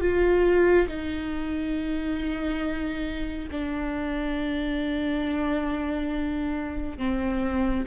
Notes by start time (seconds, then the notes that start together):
0.00 F4
0.87 D#4
3.51 D4
6.97 C4